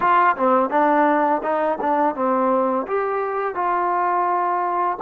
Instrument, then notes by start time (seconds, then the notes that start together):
trombone
0.00 F4
0.36 C4
0.69 D4
1.42 D#4
1.80 D4
2.15 C4
2.87 G4
3.55 F4